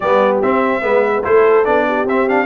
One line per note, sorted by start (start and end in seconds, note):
0.00 0.42 G3
0.00 0.42 B3
0.00 0.81 G4
0.00 0.38 D5
0.42 0.81 C4
0.42 0.82 C4
0.42 1.24 E5
0.81 1.23 G#3
0.81 1.22 B3
0.81 1.24 B4
1.23 1.66 A3
1.23 1.64 E4
1.23 1.86 A4
1.23 1.64 C5
1.64 2.05 B3
1.64 2.06 D4
1.64 2.06 D5
1.87 2.46 G4
2.05 2.46 C4
2.05 2.28 C4
2.05 2.28 E5
2.28 2.46 D4
2.28 2.46 F5